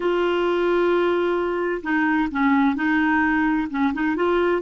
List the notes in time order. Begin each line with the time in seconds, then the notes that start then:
0.00 F4
1.82 D#4
2.31 C#4
2.75 D#4
3.70 C#4
3.93 D#4
4.15 F4